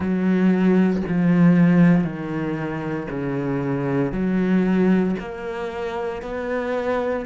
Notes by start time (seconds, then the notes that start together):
0.00 F#3
1.08 F3
2.04 D#3
3.10 C#3
4.11 F#3
5.19 A#3
6.22 B3